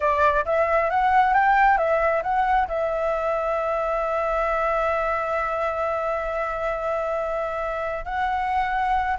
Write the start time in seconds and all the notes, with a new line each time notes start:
0.00 D5
0.45 E5
0.90 F#5
1.33 G5
1.77 E5
2.23 F#5
2.67 E5
8.05 F#5